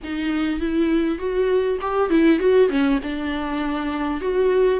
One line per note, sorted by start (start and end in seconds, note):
0.03 0.59 D#4
0.59 1.18 E4
1.18 1.78 F#4
1.81 2.10 G4
2.10 2.39 E4
2.39 2.69 F#4
2.69 2.99 C#4
3.02 4.20 D4
4.20 4.79 F#4